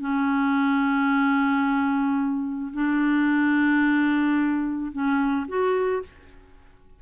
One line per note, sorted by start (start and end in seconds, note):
0.00 2.73 C#4
2.74 4.92 D4
4.92 5.47 C#4
5.48 6.03 F#4